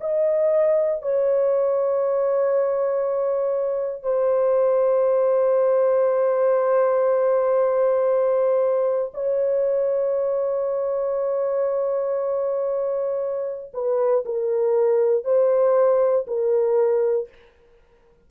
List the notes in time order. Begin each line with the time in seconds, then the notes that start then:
0.00 D#5
1.02 C#5
4.03 C5
9.13 C#5
13.73 B4
14.25 A#4
15.24 C5
16.27 A#4